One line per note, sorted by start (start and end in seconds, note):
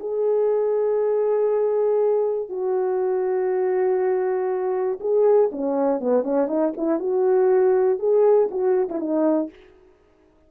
0.00 2.49 G#4
2.49 4.99 F#4
5.00 5.50 G#4
5.52 6.00 C#4
6.00 6.23 B3
6.23 6.48 C#4
6.48 6.73 D#4
6.77 7.00 E4
7.00 7.99 F#4
7.99 8.49 G#4
8.51 8.89 F#4
8.89 9.00 E4
9.00 9.50 D#4